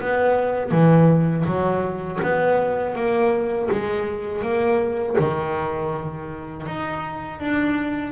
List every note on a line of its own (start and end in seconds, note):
0.00 0.71 B3
0.71 1.45 E3
1.45 2.19 F#3
2.22 2.95 B3
2.95 3.69 A#3
3.71 4.41 G#3
4.41 5.15 A#3
5.18 6.66 D#3
6.66 7.39 D#4
7.39 8.11 D4